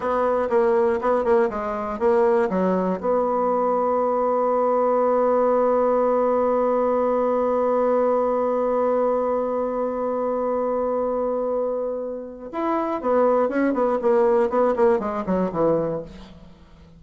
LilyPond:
\new Staff \with { instrumentName = "bassoon" } { \time 4/4 \tempo 4 = 120 b4 ais4 b8 ais8 gis4 | ais4 fis4 b2~ | b1~ | b1~ |
b1~ | b1~ | b4 e'4 b4 cis'8 b8 | ais4 b8 ais8 gis8 fis8 e4 | }